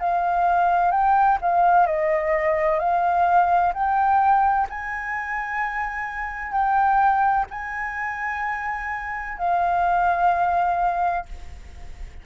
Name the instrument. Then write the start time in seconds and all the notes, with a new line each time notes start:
flute
0.00 F5
0.91 G5
1.41 F5
1.86 D#5
2.79 F5
3.73 G5
4.69 G#5
6.52 G5
7.50 G#5
9.38 F5